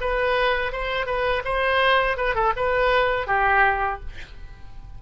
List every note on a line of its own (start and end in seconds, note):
0.00 0.72 B4
0.72 1.06 C5
1.06 1.42 B4
1.44 2.17 C5
2.17 2.34 B4
2.34 2.53 A4
2.56 3.27 B4
3.27 4.00 G4